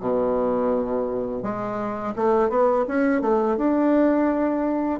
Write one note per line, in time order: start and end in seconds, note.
0.00 1.43 B2
1.43 2.14 G#3
2.16 2.49 A3
2.49 2.85 B3
2.88 3.21 C#4
3.21 3.57 A3
3.57 5.00 D4